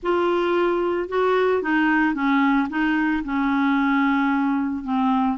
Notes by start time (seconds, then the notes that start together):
0.03 F4
1.08 F#4
1.62 D#4
2.14 C#4
2.69 D#4
3.24 C#4
4.84 C4